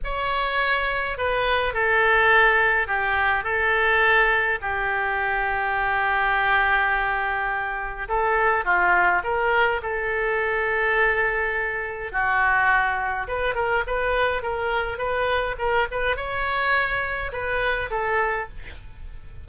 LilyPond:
\new Staff \with { instrumentName = "oboe" } { \time 4/4 \tempo 4 = 104 cis''2 b'4 a'4~ | a'4 g'4 a'2 | g'1~ | g'2 a'4 f'4 |
ais'4 a'2.~ | a'4 fis'2 b'8 ais'8 | b'4 ais'4 b'4 ais'8 b'8 | cis''2 b'4 a'4 | }